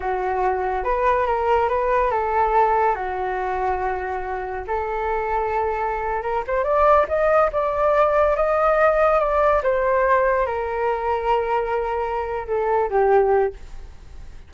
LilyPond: \new Staff \with { instrumentName = "flute" } { \time 4/4 \tempo 4 = 142 fis'2 b'4 ais'4 | b'4 a'2 fis'4~ | fis'2. a'4~ | a'2~ a'8. ais'8 c''8 d''16~ |
d''8. dis''4 d''2 dis''16~ | dis''4.~ dis''16 d''4 c''4~ c''16~ | c''8. ais'2.~ ais'16~ | ais'4. a'4 g'4. | }